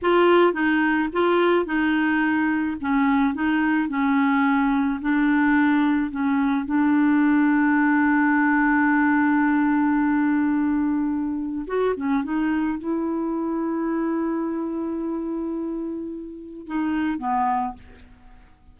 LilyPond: \new Staff \with { instrumentName = "clarinet" } { \time 4/4 \tempo 4 = 108 f'4 dis'4 f'4 dis'4~ | dis'4 cis'4 dis'4 cis'4~ | cis'4 d'2 cis'4 | d'1~ |
d'1~ | d'4 fis'8 cis'8 dis'4 e'4~ | e'1~ | e'2 dis'4 b4 | }